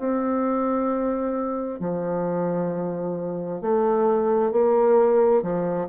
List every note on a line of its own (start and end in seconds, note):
0.00 1.80 C4
1.80 3.62 F3
3.62 4.52 A3
4.52 5.43 A#3
5.43 5.88 F3